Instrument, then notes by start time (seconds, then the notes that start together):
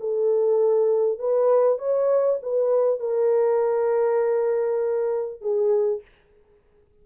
horn
0.00 A4
1.19 B4
1.79 C#5
2.42 B4
2.99 A#4
5.41 G#4